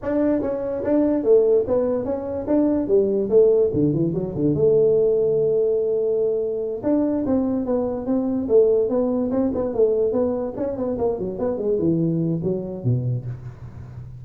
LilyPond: \new Staff \with { instrumentName = "tuba" } { \time 4/4 \tempo 4 = 145 d'4 cis'4 d'4 a4 | b4 cis'4 d'4 g4 | a4 d8 e8 fis8 d8 a4~ | a1~ |
a8 d'4 c'4 b4 c'8~ | c'8 a4 b4 c'8 b8 a8~ | a8 b4 cis'8 b8 ais8 fis8 b8 | gis8 e4. fis4 b,4 | }